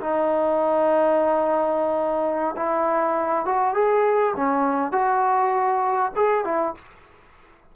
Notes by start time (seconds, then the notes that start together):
0.00 D#4
2.56 E4
3.45 F#4
3.74 G#4
4.36 C#4
4.91 F#4
6.16 G#4
6.44 E4